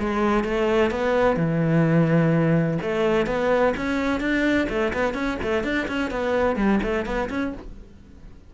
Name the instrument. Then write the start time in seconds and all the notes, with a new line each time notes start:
cello
0.00 G#3
0.45 A3
0.91 B3
1.37 E3
2.83 A3
3.27 B3
3.77 C#4
4.21 D4
4.70 A3
4.94 B3
5.15 C#4
5.43 A3
5.64 D4
5.88 C#4
6.11 B3
6.56 G3
6.83 A3
7.06 B3
7.30 C#4